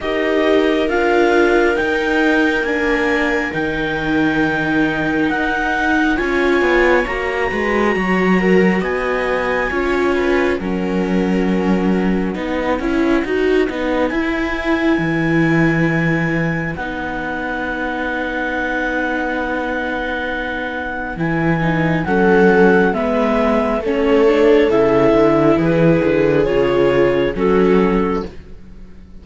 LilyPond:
<<
  \new Staff \with { instrumentName = "clarinet" } { \time 4/4 \tempo 4 = 68 dis''4 f''4 g''4 gis''4 | g''2 fis''4 gis''4 | ais''2 gis''2 | fis''1 |
gis''2. fis''4~ | fis''1 | gis''4 fis''4 e''4 cis''4 | e''4 b'4 cis''4 a'4 | }
  \new Staff \with { instrumentName = "viola" } { \time 4/4 ais'1~ | ais'2. cis''4~ | cis''8 b'8 cis''8 ais'8 dis''4 cis''8 b'8 | ais'2 b'2~ |
b'1~ | b'1~ | b'4 a'4 b'4 a'4~ | a'4 gis'2 fis'4 | }
  \new Staff \with { instrumentName = "viola" } { \time 4/4 g'4 f'4 dis'4 d'4 | dis'2. f'4 | fis'2. f'4 | cis'2 dis'8 e'8 fis'8 dis'8 |
e'2. dis'4~ | dis'1 | e'8 dis'8 cis'4 b4 cis'8 d'8 | e'2 f'4 cis'4 | }
  \new Staff \with { instrumentName = "cello" } { \time 4/4 dis'4 d'4 dis'4 ais4 | dis2 dis'4 cis'8 b8 | ais8 gis8 fis4 b4 cis'4 | fis2 b8 cis'8 dis'8 b8 |
e'4 e2 b4~ | b1 | e4 fis4 gis4 a4 | cis8 d8 e8 d8 cis4 fis4 | }
>>